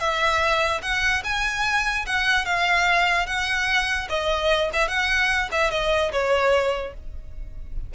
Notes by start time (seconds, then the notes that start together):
0.00 E5
0.82 F#5
1.24 G#5
2.06 F#5
2.46 F5
3.27 F#5
4.09 D#5
4.73 E5
4.88 F#5
5.52 E5
5.71 D#5
6.12 C#5